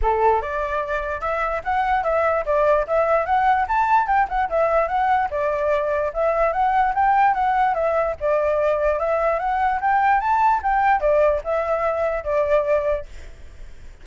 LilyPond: \new Staff \with { instrumentName = "flute" } { \time 4/4 \tempo 4 = 147 a'4 d''2 e''4 | fis''4 e''4 d''4 e''4 | fis''4 a''4 g''8 fis''8 e''4 | fis''4 d''2 e''4 |
fis''4 g''4 fis''4 e''4 | d''2 e''4 fis''4 | g''4 a''4 g''4 d''4 | e''2 d''2 | }